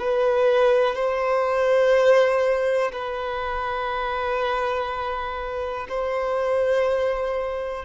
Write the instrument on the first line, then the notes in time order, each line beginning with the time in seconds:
violin
0.00 B4
0.96 C5
2.93 B4
5.89 C5